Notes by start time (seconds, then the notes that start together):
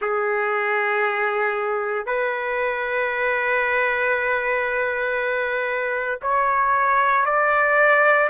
0.01 G#4
2.05 B4
6.22 C#5
7.25 D5